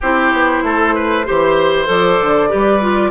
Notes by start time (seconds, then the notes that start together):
0.01 C4 E4 G4 C5
0.32 B3
0.62 A3 A4
0.94 B4
1.25 E3 G4 C5
1.85 F3 A4 D5
2.20 D3
2.48 G3 G4 B4
2.81 F4